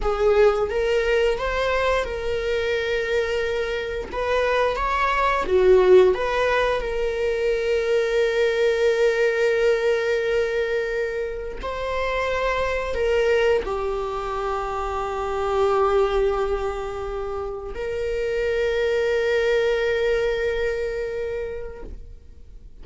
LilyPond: \new Staff \with { instrumentName = "viola" } { \time 4/4 \tempo 4 = 88 gis'4 ais'4 c''4 ais'4~ | ais'2 b'4 cis''4 | fis'4 b'4 ais'2~ | ais'1~ |
ais'4 c''2 ais'4 | g'1~ | g'2 ais'2~ | ais'1 | }